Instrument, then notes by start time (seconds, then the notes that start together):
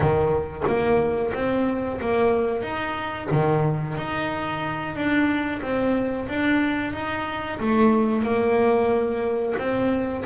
double bass
0.00 D#3
0.67 A#3
1.34 C4
2.00 A#3
2.62 D#4
3.31 D#3
3.97 D#4
4.95 D4
5.62 C4
6.28 D4
6.93 D#4
7.59 A3
8.22 A#3
9.58 C4